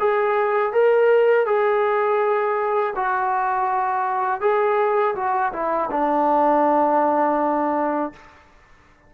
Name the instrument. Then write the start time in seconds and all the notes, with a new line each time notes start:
trombone
0.00 G#4
0.73 A#4
1.46 G#4
2.96 F#4
4.41 G#4
5.15 F#4
5.53 E4
5.91 D4